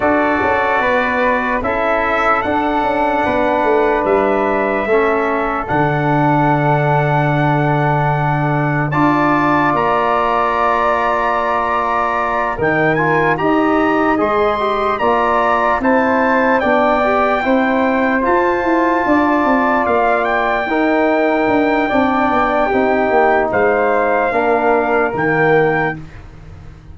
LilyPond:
<<
  \new Staff \with { instrumentName = "trumpet" } { \time 4/4 \tempo 4 = 74 d''2 e''4 fis''4~ | fis''4 e''2 fis''4~ | fis''2. a''4 | ais''2.~ ais''8 g''8 |
gis''8 ais''4 c'''4 ais''4 a''8~ | a''8 g''2 a''4.~ | a''8 f''8 g''2.~ | g''4 f''2 g''4 | }
  \new Staff \with { instrumentName = "flute" } { \time 4/4 a'4 b'4 a'2 | b'2 a'2~ | a'2. d''4~ | d''2.~ d''8 ais'8~ |
ais'8 dis''2 d''4 c''8~ | c''8 d''4 c''2 d''8~ | d''4. ais'4. d''4 | g'4 c''4 ais'2 | }
  \new Staff \with { instrumentName = "trombone" } { \time 4/4 fis'2 e'4 d'4~ | d'2 cis'4 d'4~ | d'2. f'4~ | f'2.~ f'8 dis'8 |
f'8 g'4 gis'8 g'8 f'4 e'8~ | e'8 d'8 g'8 e'4 f'4.~ | f'4. dis'4. d'4 | dis'2 d'4 ais4 | }
  \new Staff \with { instrumentName = "tuba" } { \time 4/4 d'8 cis'8 b4 cis'4 d'8 cis'8 | b8 a8 g4 a4 d4~ | d2. d'4 | ais2.~ ais8 dis8~ |
dis8 dis'4 gis4 ais4 c'8~ | c'8 b4 c'4 f'8 e'8 d'8 | c'8 ais4 dis'4 d'8 c'8 b8 | c'8 ais8 gis4 ais4 dis4 | }
>>